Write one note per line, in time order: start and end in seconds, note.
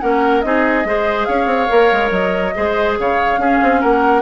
0.00 0.44 A#3
0.00 0.43 C#4
0.00 0.45 A#4
0.00 0.41 F#5
0.41 0.85 C4
0.41 0.85 D#4
0.41 0.87 G#4
0.41 1.25 D#5
0.85 1.27 G#3
0.85 1.68 G#4
0.85 1.28 C5
1.25 1.46 C#4
1.25 2.54 C#5
1.25 2.09 F5
1.46 1.67 C4
1.68 1.92 A#3
1.68 2.53 A#4
1.92 2.10 G#3
2.10 2.53 F#3
2.10 2.95 D#5
2.55 2.99 G#3
2.55 3.39 G#4
2.55 2.99 C5
2.99 3.37 C#3
2.99 3.40 C#5
2.99 3.81 F5
3.37 3.58 C#4
3.37 4.22 C#4
3.37 3.80 G#4
3.62 3.83 C4
3.80 4.22 A#3
3.80 4.22 A#4
3.80 4.22 F#5